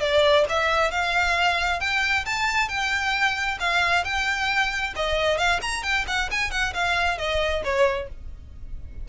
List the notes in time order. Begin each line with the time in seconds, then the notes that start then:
0.00 D5
0.49 E5
0.91 F5
1.80 G5
2.25 A5
2.68 G5
3.59 F5
4.04 G5
4.95 D#5
5.38 F5
5.62 A#5
5.83 G5
6.07 F#5
6.31 G#5
6.51 F#5
6.73 F5
7.17 D#5
7.64 C#5